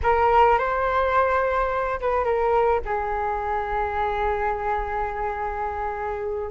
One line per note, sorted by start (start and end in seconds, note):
0.02 0.58 A#4
0.58 1.99 C5
2.00 2.24 B4
2.24 2.80 A#4
2.85 6.50 G#4